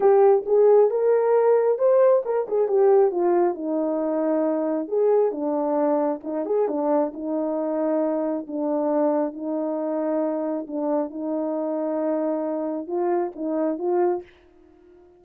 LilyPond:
\new Staff \with { instrumentName = "horn" } { \time 4/4 \tempo 4 = 135 g'4 gis'4 ais'2 | c''4 ais'8 gis'8 g'4 f'4 | dis'2. gis'4 | d'2 dis'8 gis'8 d'4 |
dis'2. d'4~ | d'4 dis'2. | d'4 dis'2.~ | dis'4 f'4 dis'4 f'4 | }